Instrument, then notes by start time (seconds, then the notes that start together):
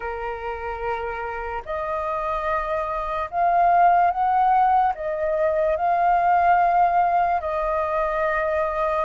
flute
0.00 A#4
1.65 D#5
3.30 F5
4.11 F#5
4.94 D#5
5.76 F5
7.40 D#5